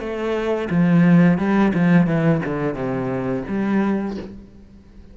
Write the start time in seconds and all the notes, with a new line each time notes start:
0.00 A3
0.71 F3
1.38 G3
1.74 F3
2.07 E3
2.45 D3
2.75 C3
3.49 G3